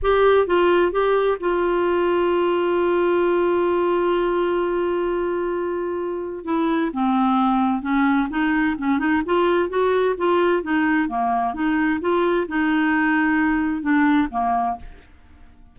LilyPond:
\new Staff \with { instrumentName = "clarinet" } { \time 4/4 \tempo 4 = 130 g'4 f'4 g'4 f'4~ | f'1~ | f'1~ | f'2 e'4 c'4~ |
c'4 cis'4 dis'4 cis'8 dis'8 | f'4 fis'4 f'4 dis'4 | ais4 dis'4 f'4 dis'4~ | dis'2 d'4 ais4 | }